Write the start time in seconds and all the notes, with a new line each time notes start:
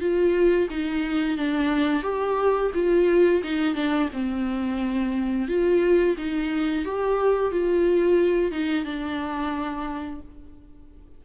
0.00 F4
0.70 D#4
1.37 D4
2.02 G4
2.74 F4
3.43 D#4
3.75 D4
4.13 C4
5.48 F4
6.17 D#4
6.85 G4
7.51 F4
8.51 D#4
8.85 D4